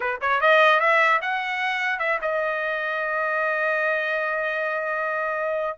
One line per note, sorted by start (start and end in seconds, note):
0.00 0.19 B4
0.21 0.40 C#5
0.40 0.80 D#5
0.80 1.20 E5
1.21 1.99 F#5
1.99 2.19 E5
2.21 5.78 D#5